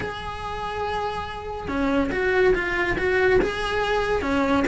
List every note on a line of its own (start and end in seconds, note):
0.00 1.68 G#4
1.68 2.10 C#4
2.11 2.54 F#4
2.54 2.97 F4
2.98 3.40 F#4
3.41 4.21 G#4
4.21 4.64 C#4